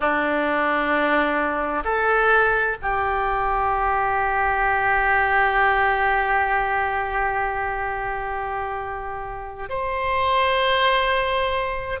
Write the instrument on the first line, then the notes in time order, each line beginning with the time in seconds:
oboe
0.00 D4
1.84 A4
2.82 G4
9.69 C5